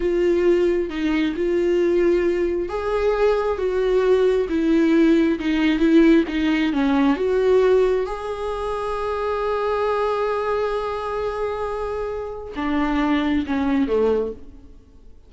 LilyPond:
\new Staff \with { instrumentName = "viola" } { \time 4/4 \tempo 4 = 134 f'2 dis'4 f'4~ | f'2 gis'2 | fis'2 e'2 | dis'4 e'4 dis'4 cis'4 |
fis'2 gis'2~ | gis'1~ | gis'1 | d'2 cis'4 a4 | }